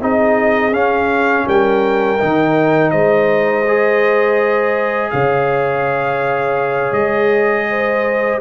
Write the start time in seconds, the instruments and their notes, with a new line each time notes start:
0.00 tuba C4, trombone D#4, horn G#4, trumpet D#5
0.72 tuba C#4, trombone C#4, trumpet F5
1.46 tuba G3, horn A#4, trumpet G5
2.19 tuba D#3, trombone D#4
2.91 tuba G#3, horn C5, trumpet D#5
3.68 trombone G#4
5.11 tuba C#3, horn C#5, trumpet F5
6.92 tuba G#3, trumpet D#5
7.70 horn C5